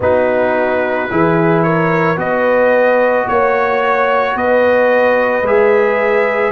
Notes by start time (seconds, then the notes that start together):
0.00 B3 D#4 F#4 B4
1.09 E3 E4 G#4
1.63 A#4 C#5
2.16 B3 F#4 B4 D#5
3.28 A#3 C#5
4.35 B3 B4 D#5
5.42 G#3 G#4 E5